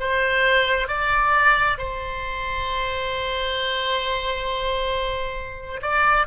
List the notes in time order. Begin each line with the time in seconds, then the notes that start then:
0.00 C5
0.88 D5
1.78 C5
5.82 D5